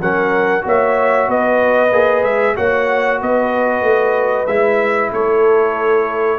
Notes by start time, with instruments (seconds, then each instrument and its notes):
0.00 tuba F#3, trombone C#4, horn A#4, trumpet F#5
0.61 tuba A#3, trombone F#4, horn C#5
0.67 trumpet E5
1.28 tuba B3, horn B4, trumpet D#5
1.91 tuba A#3, trombone G#4
2.23 tuba G#3, trumpet E5
2.55 tuba A#3, trombone F#4, horn C#5, trumpet F#5
3.21 tuba B3, horn B4, trumpet D#5
3.82 tuba A3
4.46 tuba G#3, trombone E4, trumpet E5
5.12 tuba A3, horn A4, trumpet C#5